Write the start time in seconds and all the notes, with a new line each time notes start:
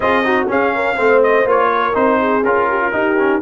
0.00 C4 F4 G#4 D#5
0.23 D#4 F#4
0.47 C#4 G#4 F5
0.75 A#4
0.95 A3 C4 C5
1.22 D#5
1.45 A#3 F4 C#5
1.73 A#4
1.93 C4 D#4 C5
2.19 G#4
2.43 C#4 F4 A#4
2.68 G4
2.81 F4
2.92 D#4 G4
3.17 C#4